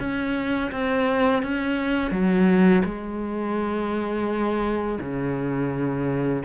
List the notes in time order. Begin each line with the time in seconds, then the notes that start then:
0.00 C#4
0.72 C4
1.43 C#4
2.11 F#3
2.85 G#3
5.00 C#3